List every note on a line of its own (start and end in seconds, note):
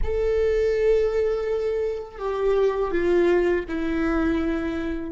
0.03 2.18 A4
2.18 2.91 G4
2.91 3.64 F4
3.68 5.12 E4